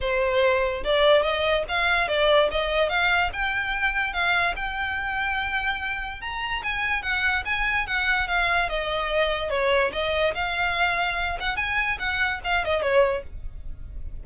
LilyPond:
\new Staff \with { instrumentName = "violin" } { \time 4/4 \tempo 4 = 145 c''2 d''4 dis''4 | f''4 d''4 dis''4 f''4 | g''2 f''4 g''4~ | g''2. ais''4 |
gis''4 fis''4 gis''4 fis''4 | f''4 dis''2 cis''4 | dis''4 f''2~ f''8 fis''8 | gis''4 fis''4 f''8 dis''8 cis''4 | }